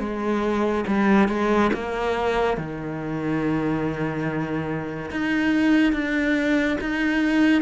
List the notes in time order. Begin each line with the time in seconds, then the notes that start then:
0.00 G#3
0.87 G3
1.29 G#3
1.73 A#3
2.57 D#3
5.11 D#4
5.93 D4
6.81 D#4